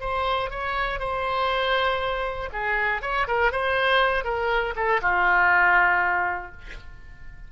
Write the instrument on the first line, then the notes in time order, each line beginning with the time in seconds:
oboe
0.00 C5
0.50 C#5
0.99 C5
2.52 G#4
3.02 C#5
3.27 A#4
3.52 C5
4.24 A#4
4.75 A4
5.02 F4